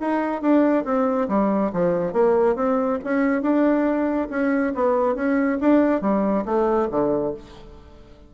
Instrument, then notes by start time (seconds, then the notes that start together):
bassoon
0.00 D#4
0.41 D4
0.85 C4
1.29 G3
1.73 F3
2.13 A#3
2.55 C4
3.04 C#4
3.42 D4
4.30 C#4
4.75 B3
5.15 C#4
5.61 D4
6.01 G3
6.45 A3
6.91 D3